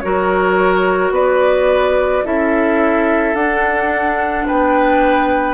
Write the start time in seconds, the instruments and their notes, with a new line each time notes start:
0.00 bassoon F#3, clarinet F#4, oboe A#4, flute C#5
1.11 bassoon B3, oboe B4, flute D5
2.24 bassoon C#4, clarinet E4, oboe A4, flute E5
3.34 bassoon D4, clarinet D4, flute F#5
4.47 bassoon B3, oboe B4, flute G5